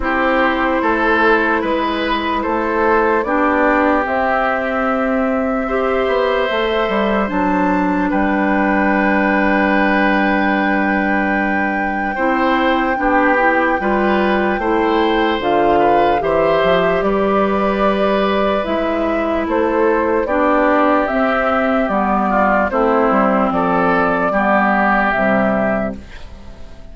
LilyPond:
<<
  \new Staff \with { instrumentName = "flute" } { \time 4/4 \tempo 4 = 74 c''2 b'4 c''4 | d''4 e''2.~ | e''4 a''4 g''2~ | g''1~ |
g''2. f''4 | e''4 d''2 e''4 | c''4 d''4 e''4 d''4 | c''4 d''2 e''4 | }
  \new Staff \with { instrumentName = "oboe" } { \time 4/4 g'4 a'4 b'4 a'4 | g'2. c''4~ | c''2 b'2~ | b'2. c''4 |
g'4 b'4 c''4. b'8 | c''4 b'2. | a'4 g'2~ g'8 f'8 | e'4 a'4 g'2 | }
  \new Staff \with { instrumentName = "clarinet" } { \time 4/4 e'1 | d'4 c'2 g'4 | a'4 d'2.~ | d'2. e'4 |
d'8 e'8 f'4 e'4 f'4 | g'2. e'4~ | e'4 d'4 c'4 b4 | c'2 b4 g4 | }
  \new Staff \with { instrumentName = "bassoon" } { \time 4/4 c'4 a4 gis4 a4 | b4 c'2~ c'8 b8 | a8 g8 fis4 g2~ | g2. c'4 |
b4 g4 a4 d4 | e8 f8 g2 gis4 | a4 b4 c'4 g4 | a8 g8 f4 g4 c4 | }
>>